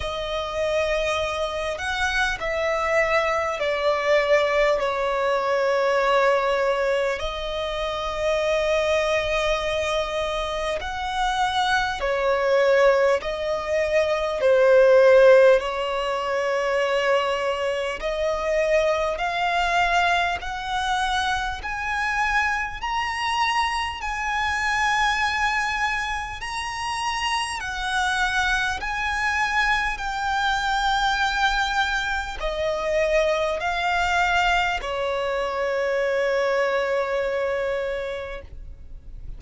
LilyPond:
\new Staff \with { instrumentName = "violin" } { \time 4/4 \tempo 4 = 50 dis''4. fis''8 e''4 d''4 | cis''2 dis''2~ | dis''4 fis''4 cis''4 dis''4 | c''4 cis''2 dis''4 |
f''4 fis''4 gis''4 ais''4 | gis''2 ais''4 fis''4 | gis''4 g''2 dis''4 | f''4 cis''2. | }